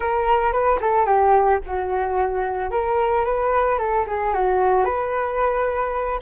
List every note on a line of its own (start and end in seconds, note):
0.00 0.52 A#4
0.52 0.79 B4
0.81 1.05 A4
1.05 1.59 G4
1.65 2.70 F#4
2.70 3.24 A#4
3.25 3.78 B4
3.78 4.05 A4
4.07 4.33 G#4
4.33 4.85 F#4
4.85 6.20 B4